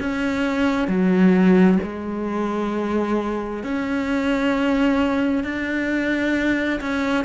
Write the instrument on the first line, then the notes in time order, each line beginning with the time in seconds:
cello
0.00 C#4
0.88 F#3
1.83 G#3
3.63 C#4
5.44 D4
6.81 C#4